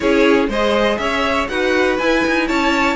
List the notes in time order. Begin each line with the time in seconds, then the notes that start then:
0.00 C#4 E4 G#4 C#5
0.48 G#3 G#4 C5 D#5
0.97 C#4 C#5 E5
1.48 D#4 F#4 B4 F#5
1.98 E4 G#5
2.27 D#4
2.47 C#4 C#5 A5